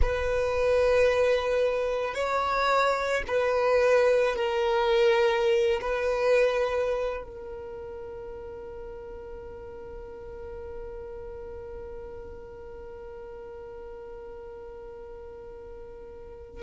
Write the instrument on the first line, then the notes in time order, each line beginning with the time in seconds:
violin
0.01 B4
2.14 C#5
3.27 B4
4.35 A#4
5.81 B4
7.23 A#4